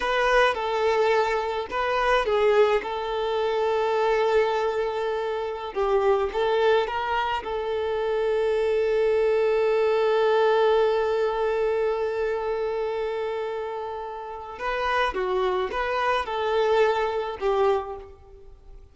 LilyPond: \new Staff \with { instrumentName = "violin" } { \time 4/4 \tempo 4 = 107 b'4 a'2 b'4 | gis'4 a'2.~ | a'2~ a'16 g'4 a'8.~ | a'16 ais'4 a'2~ a'8.~ |
a'1~ | a'1~ | a'2 b'4 fis'4 | b'4 a'2 g'4 | }